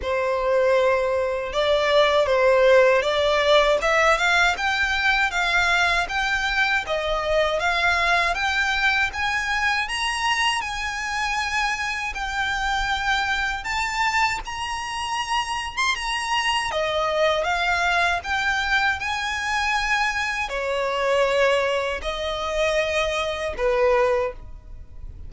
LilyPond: \new Staff \with { instrumentName = "violin" } { \time 4/4 \tempo 4 = 79 c''2 d''4 c''4 | d''4 e''8 f''8 g''4 f''4 | g''4 dis''4 f''4 g''4 | gis''4 ais''4 gis''2 |
g''2 a''4 ais''4~ | ais''8. c'''16 ais''4 dis''4 f''4 | g''4 gis''2 cis''4~ | cis''4 dis''2 b'4 | }